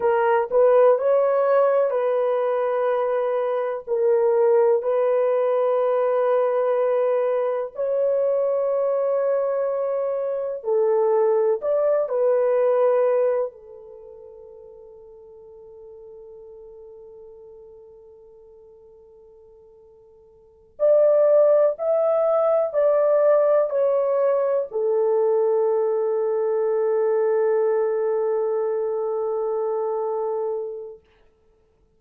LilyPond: \new Staff \with { instrumentName = "horn" } { \time 4/4 \tempo 4 = 62 ais'8 b'8 cis''4 b'2 | ais'4 b'2. | cis''2. a'4 | d''8 b'4. a'2~ |
a'1~ | a'4. d''4 e''4 d''8~ | d''8 cis''4 a'2~ a'8~ | a'1 | }